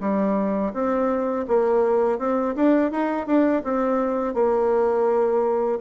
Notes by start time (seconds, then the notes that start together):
0.00 G3
0.73 C4
1.48 A#3
2.19 C4
2.55 D4
2.91 D#4
3.26 D4
3.64 C4
4.34 A#3